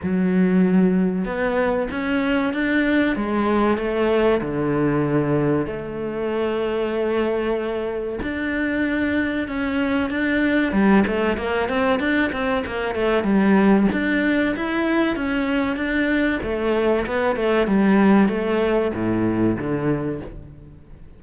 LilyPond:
\new Staff \with { instrumentName = "cello" } { \time 4/4 \tempo 4 = 95 fis2 b4 cis'4 | d'4 gis4 a4 d4~ | d4 a2.~ | a4 d'2 cis'4 |
d'4 g8 a8 ais8 c'8 d'8 c'8 | ais8 a8 g4 d'4 e'4 | cis'4 d'4 a4 b8 a8 | g4 a4 a,4 d4 | }